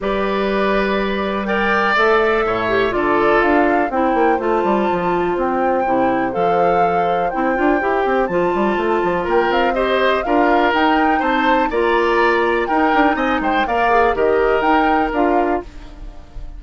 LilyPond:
<<
  \new Staff \with { instrumentName = "flute" } { \time 4/4 \tempo 4 = 123 d''2. g''4 | e''2 d''4 f''4 | g''4 a''2 g''4~ | g''4 f''2 g''4~ |
g''4 a''2 g''8 f''8 | dis''4 f''4 g''4 a''4 | ais''2 g''4 gis''8 g''8 | f''4 dis''4 g''4 f''4 | }
  \new Staff \with { instrumentName = "oboe" } { \time 4/4 b'2. d''4~ | d''4 cis''4 a'2 | c''1~ | c''1~ |
c''2. ais'4 | c''4 ais'2 c''4 | d''2 ais'4 dis''8 c''8 | d''4 ais'2. | }
  \new Staff \with { instrumentName = "clarinet" } { \time 4/4 g'2. ais'4 | a'4. g'8 f'2 | e'4 f'2. | e'4 a'2 e'8 f'8 |
g'4 f'2. | g'4 f'4 dis'2 | f'2 dis'2 | ais'8 gis'8 g'4 dis'4 f'4 | }
  \new Staff \with { instrumentName = "bassoon" } { \time 4/4 g1 | a4 a,4 d4 d'4 | c'8 ais8 a8 g8 f4 c'4 | c4 f2 c'8 d'8 |
e'8 c'8 f8 g8 a8 f8 ais8 c'8~ | c'4 d'4 dis'4 c'4 | ais2 dis'8 d'8 c'8 gis8 | ais4 dis4 dis'4 d'4 | }
>>